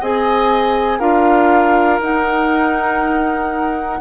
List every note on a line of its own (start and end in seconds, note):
0.00 0.99 C4
0.00 1.00 G#4
0.00 0.99 D#5
0.00 0.99 G#5
0.99 1.99 D4
0.99 2.00 F4
0.99 3.99 A#4
0.99 1.99 F5
2.00 4.00 D#4
2.00 4.01 D#4
2.00 4.01 F#5